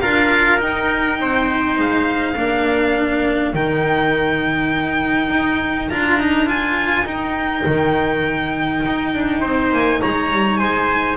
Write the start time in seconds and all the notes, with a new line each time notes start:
0.00 D4 F4 A#4 F5
0.58 D#4 G5
1.20 C4 C5
1.78 G#3 F5
2.36 A#3 D4 A#4
3.54 D#3 D#4 G5
5.30 D#4
5.89 D4 F4 A#5
6.20 D#4
6.47 F4 G#5
7.04 D#4 G5
7.66 D#3
8.85 D#4
9.14 D4
9.40 C4 C5
9.72 A#3 G#5
10.01 G#3 C#5 A#5
10.33 G3
10.57 G#3 C5 G#5